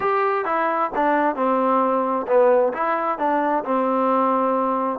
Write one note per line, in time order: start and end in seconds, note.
0.00 0.45 G4
0.45 0.90 E4
0.95 1.35 D4
1.35 2.26 C4
2.27 2.72 B3
2.73 3.18 E4
3.18 3.63 D4
3.64 4.99 C4